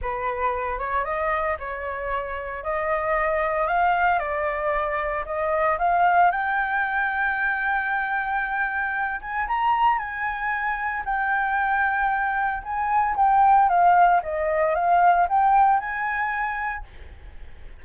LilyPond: \new Staff \with { instrumentName = "flute" } { \time 4/4 \tempo 4 = 114 b'4. cis''8 dis''4 cis''4~ | cis''4 dis''2 f''4 | d''2 dis''4 f''4 | g''1~ |
g''4. gis''8 ais''4 gis''4~ | gis''4 g''2. | gis''4 g''4 f''4 dis''4 | f''4 g''4 gis''2 | }